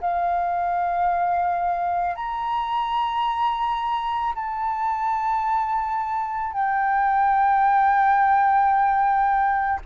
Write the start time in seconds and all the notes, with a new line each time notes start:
0.00 F5
2.15 A#5
4.35 A5
6.52 G5